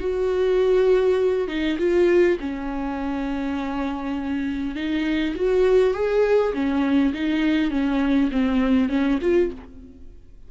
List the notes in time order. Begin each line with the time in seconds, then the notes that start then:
0.00 F#4
1.48 D#4
1.78 F4
2.40 C#4
4.75 D#4
5.35 F#4
5.94 G#4
6.53 C#4
7.14 D#4
7.71 C#4
8.32 C4
8.89 C#4
9.21 F4